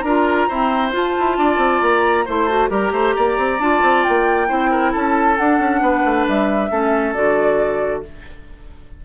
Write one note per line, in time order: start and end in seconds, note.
0.00 0.47 D4
0.00 0.50 F4
0.00 0.48 A#4
0.00 0.89 A#5
0.48 0.92 C4
0.48 0.93 E4
0.48 1.37 C5
0.92 2.26 F4
0.92 1.15 F4
0.92 1.82 A5
1.19 1.37 E4
1.37 1.57 D4
1.37 2.25 D5
1.57 1.79 C4
1.81 2.26 A#3
1.81 2.26 A#5
2.25 2.70 A3
2.25 2.48 E4
2.25 2.70 C5
2.25 2.46 C6
2.46 2.69 F#4
2.46 2.68 A5
2.69 2.91 G3
2.69 3.58 G4
2.69 2.92 A#4
2.69 3.60 A#5
2.91 3.14 A3
2.91 3.15 C5
3.16 3.37 A#3
3.16 4.48 D5
3.37 3.59 C4
3.59 3.81 D4
3.59 4.47 F4
3.59 4.03 A5
3.82 4.04 C4
4.03 4.50 A#3
4.03 4.92 G5
4.47 4.94 C4
4.47 5.36 E4
4.47 4.70 C5
4.70 4.91 A#4
4.91 5.38 C#4
4.91 5.80 A4
4.91 5.37 A5
5.37 5.59 D4
5.37 6.70 D4
5.37 6.26 F#5
5.59 5.81 C#4
5.81 6.03 B3
5.81 6.71 B4
6.05 6.27 A3
6.28 6.70 G3
6.28 7.13 E5
6.70 7.14 A3
6.70 7.14 C#4
6.70 8.04 A4
7.13 8.04 D3
7.13 8.03 F#4
7.13 8.02 D5